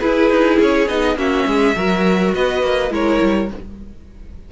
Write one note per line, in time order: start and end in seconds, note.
0.00 0.88 E4
0.00 0.30 E4
0.00 1.17 G#4
0.00 0.58 B4
0.30 0.59 D#4
0.60 0.88 C#4
0.60 0.88 C#5
0.88 1.15 B3
0.88 1.17 D#4
0.88 1.17 D#5
1.15 1.44 A#3
1.15 1.75 C#4
1.15 1.47 F#4
1.15 2.34 E5
1.46 1.76 G#3
1.46 1.76 G#4
1.75 2.34 F#3
1.75 2.90 F#4
1.75 2.34 A#4
2.34 2.63 B3
2.34 2.93 B4
2.34 2.93 D#5
2.63 2.91 A#3
2.90 3.20 G#3
2.90 3.48 E4
2.90 3.51 A#4
2.90 3.52 C#5
3.22 3.51 G3